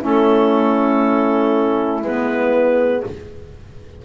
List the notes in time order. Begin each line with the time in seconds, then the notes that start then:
0.00 A3 C#4 E4 A4
2.03 G#3 B3 B4